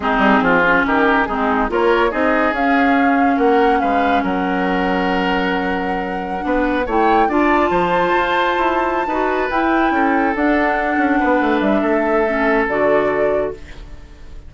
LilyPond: <<
  \new Staff \with { instrumentName = "flute" } { \time 4/4 \tempo 4 = 142 gis'2 ais'4 gis'4 | cis''4 dis''4 f''2 | fis''4 f''4 fis''2~ | fis''1~ |
fis''16 g''4 a''2~ a''8.~ | a''2~ a''8 g''4.~ | g''8 fis''2. e''8~ | e''2 d''2 | }
  \new Staff \with { instrumentName = "oboe" } { \time 4/4 dis'4 f'4 g'4 dis'4 | ais'4 gis'2. | ais'4 b'4 ais'2~ | ais'2.~ ais'16 b'8.~ |
b'16 cis''4 d''4 c''4.~ c''16~ | c''4. b'2 a'8~ | a'2~ a'8 b'4. | a'1 | }
  \new Staff \with { instrumentName = "clarinet" } { \time 4/4 c'4. cis'4. c'4 | f'4 dis'4 cis'2~ | cis'1~ | cis'2.~ cis'16 d'8.~ |
d'16 e'4 f'2~ f'8.~ | f'4. fis'4 e'4.~ | e'8 d'2.~ d'8~ | d'4 cis'4 fis'2 | }
  \new Staff \with { instrumentName = "bassoon" } { \time 4/4 gis8 g8 f4 dis4 gis4 | ais4 c'4 cis'2 | ais4 gis4 fis2~ | fis2.~ fis16 b8.~ |
b16 a4 d'4 f4 f'8.~ | f'16 e'4~ e'16 dis'4 e'4 cis'8~ | cis'8 d'4. cis'8 b8 a8 g8 | a2 d2 | }
>>